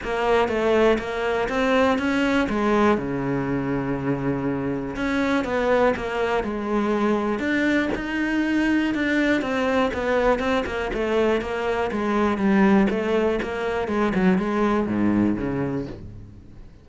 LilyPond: \new Staff \with { instrumentName = "cello" } { \time 4/4 \tempo 4 = 121 ais4 a4 ais4 c'4 | cis'4 gis4 cis2~ | cis2 cis'4 b4 | ais4 gis2 d'4 |
dis'2 d'4 c'4 | b4 c'8 ais8 a4 ais4 | gis4 g4 a4 ais4 | gis8 fis8 gis4 gis,4 cis4 | }